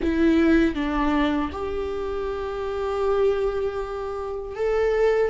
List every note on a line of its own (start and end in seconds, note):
0.02 0.74 E4
0.74 1.50 D4
1.52 4.55 G4
4.55 5.30 A4